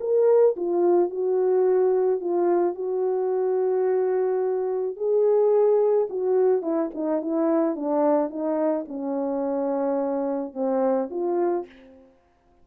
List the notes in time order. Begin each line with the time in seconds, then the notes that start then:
0.00 A#4
0.56 F4
1.10 F#4
2.20 F4
2.75 F#4
4.96 G#4
6.09 F#4
6.62 E4
6.94 D#4
7.22 E4
7.76 D4
8.30 D#4
8.88 C#4
10.54 C4
11.10 F4